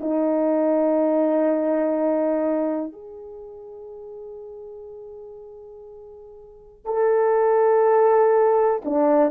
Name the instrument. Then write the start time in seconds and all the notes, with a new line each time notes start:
horn
0.00 D#4
2.92 G#4
6.85 A4
8.85 D4